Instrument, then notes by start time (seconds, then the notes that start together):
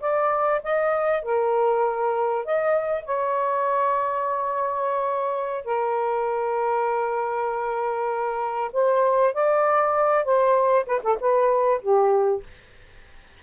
saxophone
0.00 D5
0.63 D#5
1.22 A#4
2.45 D#5
3.05 C#5
5.65 A#4
8.73 C5
9.34 D5
10.25 C5
10.86 B4
11.03 A4
11.20 B4
11.82 G4